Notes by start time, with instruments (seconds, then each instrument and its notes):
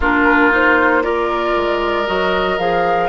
0.00 bassoon A#3, clarinet D4, oboe F4, flute A#4
0.51 clarinet D#4, flute C5
1.02 clarinet F4, oboe A#4, flute D5
1.56 bassoon G#3
2.06 bassoon F#3, clarinet F#4, flute D#5
2.58 bassoon F3, clarinet G#4, flute F5